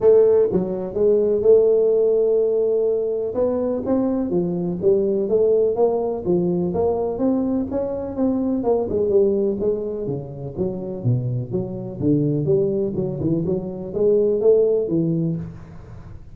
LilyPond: \new Staff \with { instrumentName = "tuba" } { \time 4/4 \tempo 4 = 125 a4 fis4 gis4 a4~ | a2. b4 | c'4 f4 g4 a4 | ais4 f4 ais4 c'4 |
cis'4 c'4 ais8 gis8 g4 | gis4 cis4 fis4 b,4 | fis4 d4 g4 fis8 e8 | fis4 gis4 a4 e4 | }